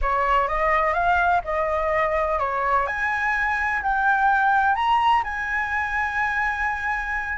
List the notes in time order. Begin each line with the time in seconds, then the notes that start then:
0.01 C#5
0.48 D#5
0.93 F5
1.44 D#5
2.39 C#5
2.87 G#5
3.82 G5
4.75 A#5
5.23 G#5